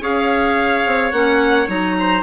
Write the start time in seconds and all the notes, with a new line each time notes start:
0.00 C#4 G#4 C#5 F5
0.86 C4
1.11 A#3 C#4 F#5
1.66 F#3 D#4 A#5
1.99 C5